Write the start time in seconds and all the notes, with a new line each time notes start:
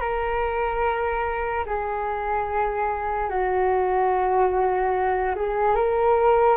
0.00 A#4
1.66 G#4
3.29 F#4
5.35 G#4
5.75 A#4